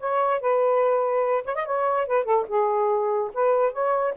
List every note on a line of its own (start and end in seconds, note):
0.00 0.41 C#5
0.41 1.45 B4
1.45 1.55 C#5
1.55 1.65 D#5
1.65 2.07 C#5
2.07 2.25 B4
2.25 2.46 A4
2.48 3.31 G#4
3.34 3.73 B4
3.73 4.14 C#5